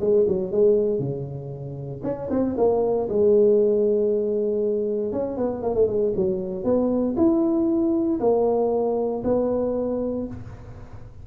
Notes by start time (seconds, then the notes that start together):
0.00 G#3
0.28 F#3
0.51 G#3
0.99 C#3
2.03 C#4
2.30 C4
2.57 A#3
3.09 G#3
5.12 C#4
5.37 B3
5.62 A#3
5.74 A3
5.87 G#3
6.16 F#3
6.64 B3
7.17 E4
8.20 A#3
9.24 B3